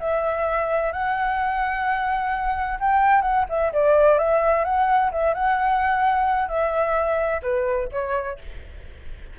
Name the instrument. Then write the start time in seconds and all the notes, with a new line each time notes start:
flute
0.00 E5
0.93 F#5
2.80 G5
3.22 F#5
3.50 E5
3.73 D5
4.19 E5
4.65 F#5
5.12 E5
5.34 F#5
6.49 E5
7.43 B4
7.93 C#5